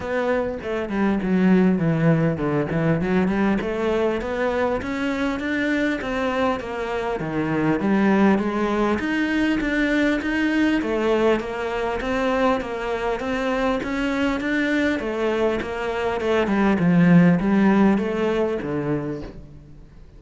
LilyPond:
\new Staff \with { instrumentName = "cello" } { \time 4/4 \tempo 4 = 100 b4 a8 g8 fis4 e4 | d8 e8 fis8 g8 a4 b4 | cis'4 d'4 c'4 ais4 | dis4 g4 gis4 dis'4 |
d'4 dis'4 a4 ais4 | c'4 ais4 c'4 cis'4 | d'4 a4 ais4 a8 g8 | f4 g4 a4 d4 | }